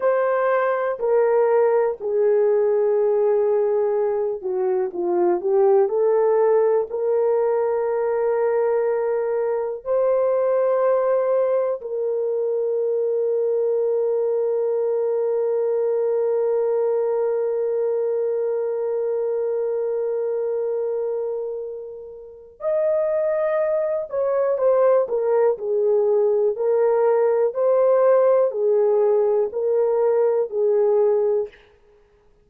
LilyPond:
\new Staff \with { instrumentName = "horn" } { \time 4/4 \tempo 4 = 61 c''4 ais'4 gis'2~ | gis'8 fis'8 f'8 g'8 a'4 ais'4~ | ais'2 c''2 | ais'1~ |
ais'1~ | ais'2. dis''4~ | dis''8 cis''8 c''8 ais'8 gis'4 ais'4 | c''4 gis'4 ais'4 gis'4 | }